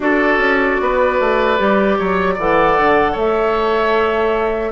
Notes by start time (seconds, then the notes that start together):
0.00 D4 F#4 A4 D5
0.37 C#4
0.81 B3 B4
1.19 A3
1.58 G3 G4
1.98 F#3 C#5
2.34 E3 A4 D5 F#5
2.77 D3
3.12 A3 C#5
3.18 E5